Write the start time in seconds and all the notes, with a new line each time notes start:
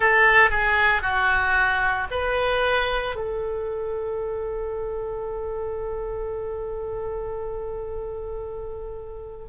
0.00 A4
0.50 G#4
1.02 F#4
2.11 B4
3.15 A4